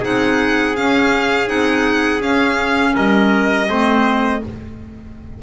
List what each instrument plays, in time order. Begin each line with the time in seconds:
0.00 double bass C4, clarinet D#4, trumpet G#4, violin F#5
0.76 clarinet C#4, double bass C#4, violin F5
1.46 double bass C4, clarinet D#4, violin F#5
2.21 clarinet C#4, double bass C#4, violin F5
2.95 double bass G3, trumpet A#4, violin D#5
3.68 double bass A3, clarinet C4, trumpet C5